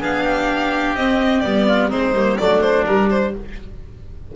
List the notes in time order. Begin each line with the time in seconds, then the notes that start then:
0.00 B3 D4 G#4 F5
0.24 G4
0.95 C4 D#5
1.41 G3 B3 D5
1.68 F4
1.89 G#3 C4 D#4 C5
2.13 G3 A#3
2.38 F#3 A3 D4 D5
2.61 C5
2.86 G3 A#4
3.10 C5